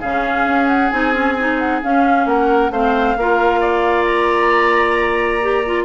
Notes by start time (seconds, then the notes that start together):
0.00 C#3 C#4 G#4 F5
0.46 C#4
0.67 F#5
0.90 C4 D#4 G#5
1.13 C#4
1.39 D#4
1.58 F#5
1.82 C#4 F5
2.25 A#3 A#4 F#5
2.70 A3 C4 C5 F5
3.17 A#3 F4 A#4
3.60 D5
4.05 A#5
5.42 G4
5.65 F4